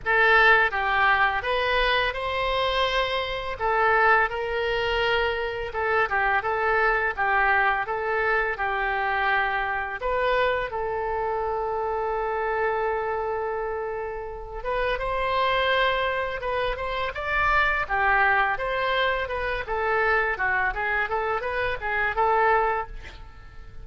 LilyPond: \new Staff \with { instrumentName = "oboe" } { \time 4/4 \tempo 4 = 84 a'4 g'4 b'4 c''4~ | c''4 a'4 ais'2 | a'8 g'8 a'4 g'4 a'4 | g'2 b'4 a'4~ |
a'1~ | a'8 b'8 c''2 b'8 c''8 | d''4 g'4 c''4 b'8 a'8~ | a'8 fis'8 gis'8 a'8 b'8 gis'8 a'4 | }